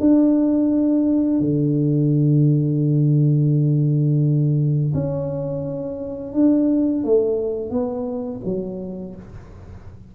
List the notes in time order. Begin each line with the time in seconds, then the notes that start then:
0.00 D4
1.40 D3
4.94 C#4
6.33 D4
7.04 A3
7.71 B3
8.45 F#3